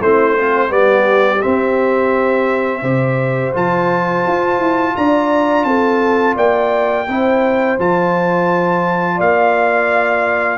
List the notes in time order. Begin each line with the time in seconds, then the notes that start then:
0.00 A3 C4 E4 C5
0.36 C4 F4
0.68 G3 B3 D5
0.76 G4
1.41 C4 E5
2.81 C3 G4 C5
3.53 F3 F4 A5
4.26 F4
4.58 E4
4.96 D4 D5 A#5
5.64 C4 A4 A5
6.35 A#3 D5 G5
7.07 C4 E4 C5
7.79 F3 F4 A5
9.16 A#3 D5 F5